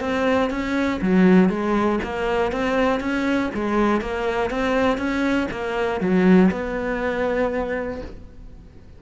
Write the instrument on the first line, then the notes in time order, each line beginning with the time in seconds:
cello
0.00 C4
0.50 C#4
1.01 F#3
1.49 G#3
2.03 A#3
2.52 C4
3.00 C#4
3.54 G#3
4.01 A#3
4.50 C4
4.98 C#4
5.51 A#3
6.00 F#3
6.51 B3